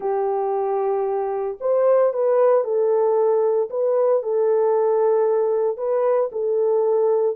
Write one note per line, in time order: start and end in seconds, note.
0.00 1.58 G4
1.60 2.13 C5
2.13 2.64 B4
2.64 3.69 A4
3.70 4.22 B4
4.22 5.77 A4
5.77 6.29 B4
6.32 7.36 A4